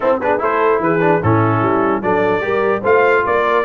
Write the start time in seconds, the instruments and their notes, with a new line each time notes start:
0.00 trombone C4, tuba C4, horn E4, trumpet A4
0.20 tuba B3, trombone D4, horn G#4, trumpet B4
0.38 tuba A3, trombone E4, horn A4, trumpet C5
0.79 tuba E3, horn G#4, trumpet B4
1.01 trombone D4
1.22 tuba A2, trombone C#4, horn E4, trumpet A4
1.61 tuba G3
2.02 tuba F#3, trombone D4, horn A4, trumpet D5
2.41 tuba G3, trombone G4, horn A#4
2.81 tuba A3, trombone F4, horn C5, trumpet F5
3.25 tuba A#3, horn A#4, trumpet D5